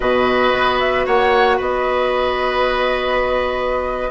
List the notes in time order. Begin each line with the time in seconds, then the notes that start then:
0.00 B2 F#4 B4 D#5
0.52 B3
0.79 E5
1.06 A#3 C#5 F#5
1.57 B3 B4 D#5